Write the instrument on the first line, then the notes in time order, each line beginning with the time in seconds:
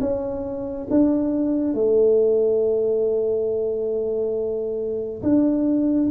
tuba
0.00 C#4
0.90 D4
1.74 A3
5.22 D4